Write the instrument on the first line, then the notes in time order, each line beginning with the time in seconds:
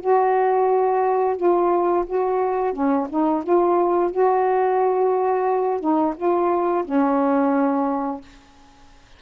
saxophone
0.00 F#4
1.36 F4
2.06 F#4
2.73 C#4
3.09 D#4
3.43 F4
4.11 F#4
5.80 D#4
6.16 F4
6.85 C#4